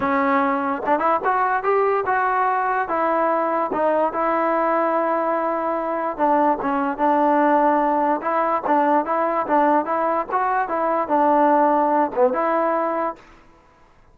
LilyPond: \new Staff \with { instrumentName = "trombone" } { \time 4/4 \tempo 4 = 146 cis'2 d'8 e'8 fis'4 | g'4 fis'2 e'4~ | e'4 dis'4 e'2~ | e'2. d'4 |
cis'4 d'2. | e'4 d'4 e'4 d'4 | e'4 fis'4 e'4 d'4~ | d'4. b8 e'2 | }